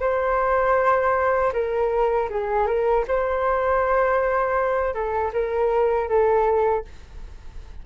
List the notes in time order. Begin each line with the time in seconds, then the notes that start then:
0.00 C5
1.53 A#4
2.30 G#4
2.66 A#4
3.08 C5
4.94 A4
5.33 A#4
6.09 A4